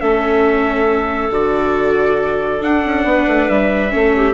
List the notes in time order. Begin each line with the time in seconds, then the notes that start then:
0.00 A3 C#4 A4 E5
1.30 D3 F#4 D5
2.60 D4 F#5
2.85 C#4
3.04 B3 B4
3.27 A3
3.49 G3 E5
3.90 A3 C#4 A4
4.16 G4